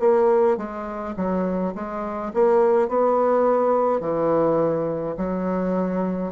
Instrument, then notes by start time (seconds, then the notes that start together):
bassoon
0.00 A#3
0.58 G#3
1.16 F#3
1.75 G#3
2.34 A#3
2.88 B3
4.01 E3
5.18 F#3